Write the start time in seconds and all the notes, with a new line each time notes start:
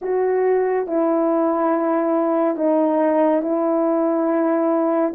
0.01 F#4
0.87 E4
2.56 D#4
3.42 E4